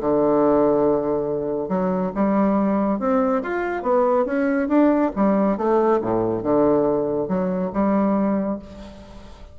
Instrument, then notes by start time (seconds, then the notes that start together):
bassoon
0.00 D3
1.69 F#3
2.15 G3
2.99 C4
3.42 F4
3.83 B3
4.25 C#4
4.68 D4
5.16 G3
5.57 A3
6.01 A2
6.43 D3
7.28 F#3
7.73 G3